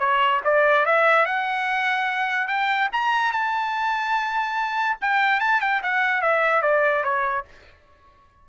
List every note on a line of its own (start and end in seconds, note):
0.00 0.41 C#5
0.45 0.86 D5
0.86 1.26 E5
1.26 2.48 F#5
2.48 2.89 G5
2.93 3.33 A#5
3.33 4.98 A5
5.02 5.41 G5
5.41 5.61 A5
5.61 5.82 G5
5.83 6.22 F#5
6.22 6.63 E5
6.63 7.04 D5
7.04 7.45 C#5